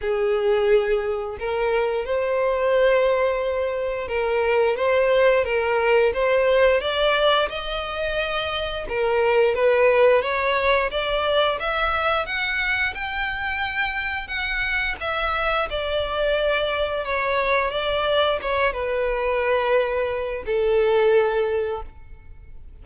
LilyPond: \new Staff \with { instrumentName = "violin" } { \time 4/4 \tempo 4 = 88 gis'2 ais'4 c''4~ | c''2 ais'4 c''4 | ais'4 c''4 d''4 dis''4~ | dis''4 ais'4 b'4 cis''4 |
d''4 e''4 fis''4 g''4~ | g''4 fis''4 e''4 d''4~ | d''4 cis''4 d''4 cis''8 b'8~ | b'2 a'2 | }